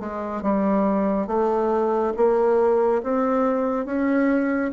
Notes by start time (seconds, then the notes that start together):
0.00 G#3
0.42 G3
1.27 A3
2.17 A#3
3.04 C4
3.86 C#4